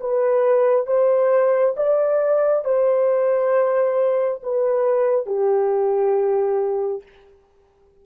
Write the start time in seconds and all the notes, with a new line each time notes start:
0.00 B4
0.87 C5
1.76 D5
2.64 C5
4.43 B4
5.26 G4